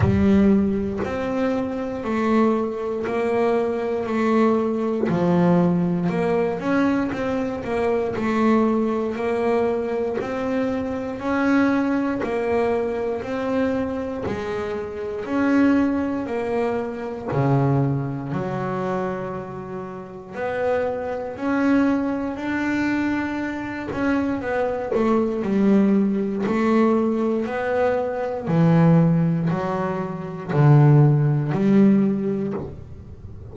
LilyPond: \new Staff \with { instrumentName = "double bass" } { \time 4/4 \tempo 4 = 59 g4 c'4 a4 ais4 | a4 f4 ais8 cis'8 c'8 ais8 | a4 ais4 c'4 cis'4 | ais4 c'4 gis4 cis'4 |
ais4 cis4 fis2 | b4 cis'4 d'4. cis'8 | b8 a8 g4 a4 b4 | e4 fis4 d4 g4 | }